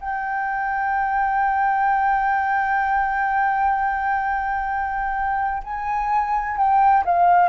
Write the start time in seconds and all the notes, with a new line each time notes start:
0.00 G5
5.63 G#5
6.57 G5
7.05 F5